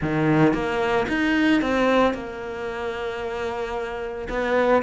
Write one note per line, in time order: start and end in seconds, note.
0.01 0.53 D#3
0.53 1.07 A#3
1.08 1.61 D#4
1.61 2.14 C4
2.14 4.28 A#3
4.29 4.82 B3